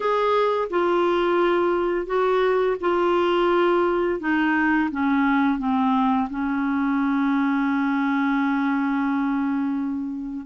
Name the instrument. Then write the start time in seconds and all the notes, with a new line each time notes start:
clarinet
0.00 G#4
0.69 F4
2.06 F#4
2.80 F4
4.20 D#4
4.91 C#4
5.58 C4
6.30 C#4